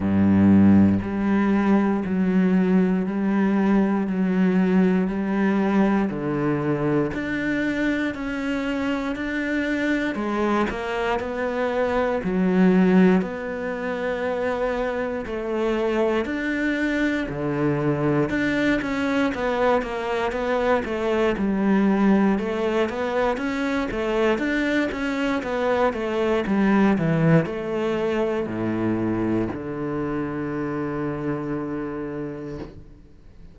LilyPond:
\new Staff \with { instrumentName = "cello" } { \time 4/4 \tempo 4 = 59 g,4 g4 fis4 g4 | fis4 g4 d4 d'4 | cis'4 d'4 gis8 ais8 b4 | fis4 b2 a4 |
d'4 d4 d'8 cis'8 b8 ais8 | b8 a8 g4 a8 b8 cis'8 a8 | d'8 cis'8 b8 a8 g8 e8 a4 | a,4 d2. | }